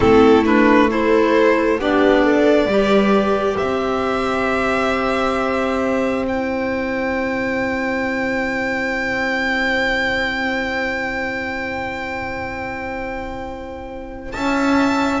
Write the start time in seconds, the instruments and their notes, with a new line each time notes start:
0.00 double bass A3, clarinet C4, viola E4, violin A4
0.45 clarinet D4, violin B4
0.89 clarinet E4, viola A4, violin C5
1.78 double bass B3, clarinet D4, viola G4, violin D5
2.22 viola A4
2.65 double bass G3, clarinet G4
2.71 viola B4
3.57 double bass C4, viola C5, violin E5
6.27 clarinet E4, violin G5
14.31 double bass C#4, viola E5, violin A5